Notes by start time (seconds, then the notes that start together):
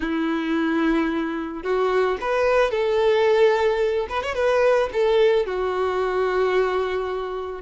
0.00 E4
1.63 F#4
2.20 B4
2.70 A4
4.09 B4
4.22 C#5
4.35 B4
4.92 A4
5.46 F#4